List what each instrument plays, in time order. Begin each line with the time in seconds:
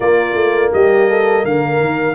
0.00 tuba A#3, trombone A#3, horn F4, trumpet D5
0.34 tuba A3
0.73 tuba G3, horn G4, trumpet D#5
1.09 horn A4
1.43 tuba D3, horn A#4, trumpet F5
1.80 tuba D#3